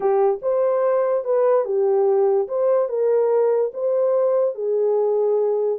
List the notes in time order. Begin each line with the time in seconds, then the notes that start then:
0.00 G4
0.42 C5
1.24 B4
1.65 G4
2.48 C5
2.89 A#4
3.73 C5
4.55 G#4